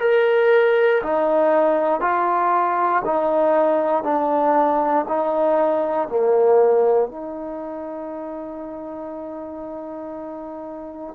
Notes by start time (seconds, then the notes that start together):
0.00 A#4
1.03 D#4
2.01 F4
3.05 D#4
4.04 D4
5.08 D#4
6.09 A#3
7.08 D#4